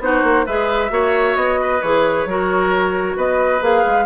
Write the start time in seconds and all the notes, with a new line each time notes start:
0.00 B3 D#4 F#4 C5
0.23 A#3
0.46 G#3 G#4 B4 E5
0.90 A#3 F#4 C#5
1.36 B3 D#5
1.61 B4
1.82 E3 G#4 C#5
2.26 F#3 F#4 A#4
3.16 B3 B4 D#5
3.61 A#3 G#4 F5
3.86 G#3